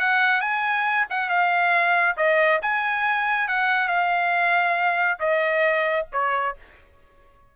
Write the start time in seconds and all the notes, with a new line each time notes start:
0.00 F#5
0.41 G#5
1.10 F#5
1.30 F5
2.17 D#5
2.62 G#5
3.49 F#5
3.88 F5
5.20 D#5
6.13 C#5